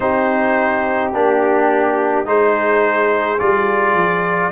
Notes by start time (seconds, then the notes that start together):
0.00 C4 D#4 G4 C5
1.13 A#3 D4 G4
2.25 G#3 D#4 G#4 C5
3.38 G3 F4 D5
3.94 F3